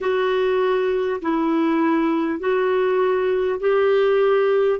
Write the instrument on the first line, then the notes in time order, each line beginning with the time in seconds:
clarinet
0.00 F#4
1.21 E4
2.39 F#4
3.60 G4